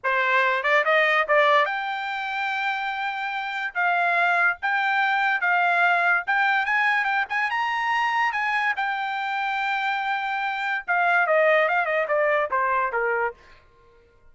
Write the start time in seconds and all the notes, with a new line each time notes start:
0.03 C5
0.63 D5
0.84 D#5
1.27 D5
1.65 G5
3.74 F5
4.62 G5
5.41 F5
6.26 G5
6.65 G#5
7.04 G5
7.29 G#5
7.50 A#5
8.32 G#5
8.76 G5
10.87 F5
11.26 D#5
11.68 F5
11.85 D#5
12.08 D5
12.50 C5
12.92 A#4